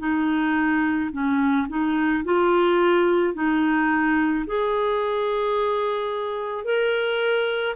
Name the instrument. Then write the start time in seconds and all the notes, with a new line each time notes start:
clarinet
0.00 D#4
1.12 C#4
1.69 D#4
2.25 F4
3.34 D#4
4.47 G#4
6.65 A#4